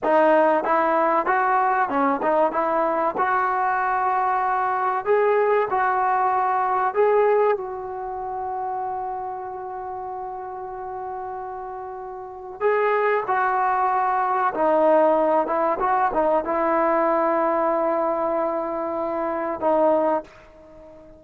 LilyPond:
\new Staff \with { instrumentName = "trombone" } { \time 4/4 \tempo 4 = 95 dis'4 e'4 fis'4 cis'8 dis'8 | e'4 fis'2. | gis'4 fis'2 gis'4 | fis'1~ |
fis'1 | gis'4 fis'2 dis'4~ | dis'8 e'8 fis'8 dis'8 e'2~ | e'2. dis'4 | }